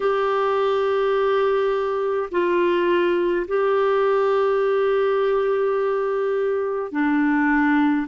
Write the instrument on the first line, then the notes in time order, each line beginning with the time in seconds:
clarinet
0.00 G4
2.31 F4
3.47 G4
6.91 D4